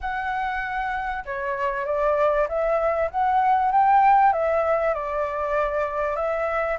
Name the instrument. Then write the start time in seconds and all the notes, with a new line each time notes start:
flute
0.00 F#5
1.25 C#5
1.85 D5
2.48 E5
3.10 F#5
3.71 G5
4.32 E5
4.93 D5
6.15 E5